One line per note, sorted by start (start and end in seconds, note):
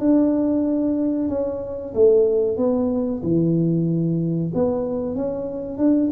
0.00 1.29 D4
1.29 1.94 C#4
1.94 2.57 A3
2.57 3.22 B3
3.23 4.52 E3
4.55 5.16 B3
5.16 5.78 C#4
5.78 6.11 D4